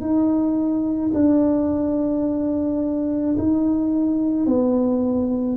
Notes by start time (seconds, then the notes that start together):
0.00 D#4
1.14 D4
3.38 D#4
4.45 B3